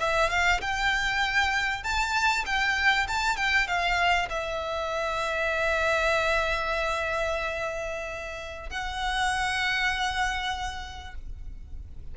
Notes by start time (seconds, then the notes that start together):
0.00 E5
0.30 F5
0.62 G5
1.84 A5
2.46 G5
3.08 A5
3.37 G5
3.68 F5
4.30 E5
8.70 F#5